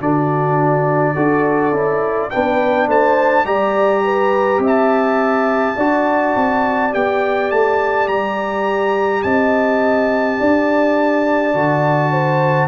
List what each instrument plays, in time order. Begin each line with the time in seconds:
0.00 tuba D3, trombone D4, horn F#4, trumpet D5
1.14 tuba D4, trombone F#4, horn A4
1.72 tuba C#4, trombone E4
2.30 tuba B3, trombone D4, horn B4, trumpet G5
2.87 tuba A3, horn C5, trumpet A5
3.45 tuba G3, trombone G4, horn D5, trumpet A#5
4.04 horn B4
4.58 tuba C4, horn E5
4.67 trumpet A5
5.77 tuba D4, trombone F#4, horn D5
6.36 tuba C4
6.91 tuba B3, trombone G4, trumpet G5
7.51 tuba A3, trumpet A5
8.08 tuba G3, trumpet A#5
9.23 tuba C4, horn D#5, trumpet A5
10.39 tuba D4, horn D5
11.54 tuba D3, trombone F#4
12.12 horn C5